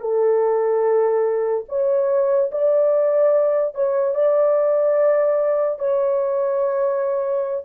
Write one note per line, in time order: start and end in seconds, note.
0.00 1.64 A4
1.68 2.50 C#5
2.51 3.74 D5
3.74 4.14 C#5
4.14 5.79 D5
5.79 7.64 C#5